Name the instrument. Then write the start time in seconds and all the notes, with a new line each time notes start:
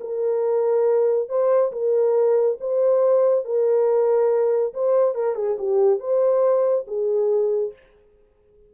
horn
0.00 A#4
1.28 C5
1.72 A#4
2.60 C5
3.44 A#4
4.73 C5
5.14 A#4
5.35 G#4
5.58 G4
5.99 C5
6.87 G#4